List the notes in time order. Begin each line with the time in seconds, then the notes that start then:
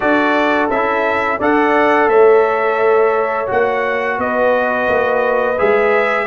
0.00 D4 F#4 A4 D5
0.69 C#4 E4 E5
1.38 D4 A4 D5 F#5
2.07 A3 C#5 E5
3.46 A#3 F#4 F#5
4.17 B3 B4 D#5
4.89 A#3
5.58 G#3 G#4 E5